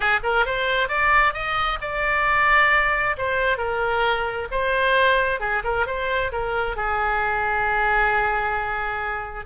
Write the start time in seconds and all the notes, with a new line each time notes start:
0.00 G#4
0.23 A#4
0.45 C5
0.88 D5
1.33 D#5
1.81 D5
3.17 C5
3.57 A#4
4.51 C5
5.40 G#4
5.63 A#4
5.86 C5
6.32 A#4
6.76 G#4